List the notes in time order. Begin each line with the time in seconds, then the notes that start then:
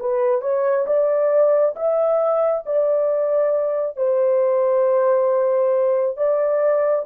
0.00 B4
0.42 C#5
0.87 D5
1.76 E5
2.66 D5
3.97 C5
6.17 D5